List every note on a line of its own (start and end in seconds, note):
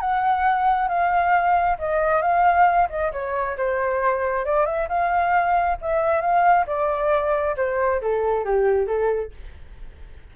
0.00 0.88 F#5
0.88 1.77 F5
1.78 2.21 D#5
2.21 2.88 F5
2.89 3.11 D#5
3.12 3.56 C#5
3.57 4.44 C5
4.44 4.66 D5
4.66 4.88 E5
4.88 5.77 F5
5.81 6.21 E5
6.21 6.65 F5
6.66 7.55 D5
7.56 8.01 C5
8.01 8.44 A4
8.44 8.87 G4
8.87 9.31 A4